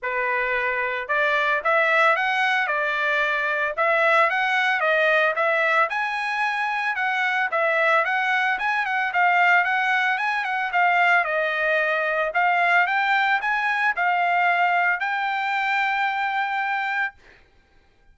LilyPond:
\new Staff \with { instrumentName = "trumpet" } { \time 4/4 \tempo 4 = 112 b'2 d''4 e''4 | fis''4 d''2 e''4 | fis''4 dis''4 e''4 gis''4~ | gis''4 fis''4 e''4 fis''4 |
gis''8 fis''8 f''4 fis''4 gis''8 fis''8 | f''4 dis''2 f''4 | g''4 gis''4 f''2 | g''1 | }